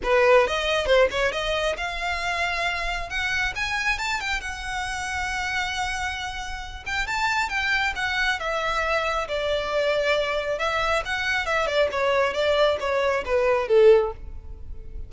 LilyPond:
\new Staff \with { instrumentName = "violin" } { \time 4/4 \tempo 4 = 136 b'4 dis''4 c''8 cis''8 dis''4 | f''2. fis''4 | gis''4 a''8 g''8 fis''2~ | fis''2.~ fis''8 g''8 |
a''4 g''4 fis''4 e''4~ | e''4 d''2. | e''4 fis''4 e''8 d''8 cis''4 | d''4 cis''4 b'4 a'4 | }